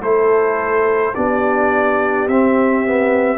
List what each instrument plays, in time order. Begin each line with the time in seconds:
0.00 tuba A3, trombone E4, horn A4, trumpet C5
1.15 tuba B3, trombone D4, horn G4, trumpet D5
2.28 tuba C4, trombone C4, trumpet E5
2.86 trombone B3